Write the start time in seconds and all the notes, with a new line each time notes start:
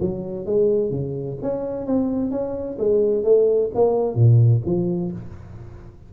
0.00 F#3
0.45 G#3
0.90 C#3
1.42 C#4
1.86 C4
2.31 C#4
2.78 G#3
3.23 A3
3.74 A#3
4.15 A#2
4.65 F3